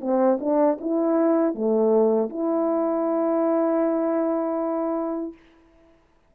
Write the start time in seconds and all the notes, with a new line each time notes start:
0.00 C4
0.40 D4
0.80 E4
1.54 A3
2.29 E4